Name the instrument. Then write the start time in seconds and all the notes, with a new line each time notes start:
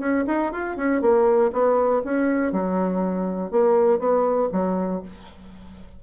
bassoon
0.00 C#4
0.27 D#4
0.53 F4
0.77 C#4
1.02 A#3
1.53 B3
2.05 C#4
2.52 F#3
3.52 A#3
3.99 B3
4.52 F#3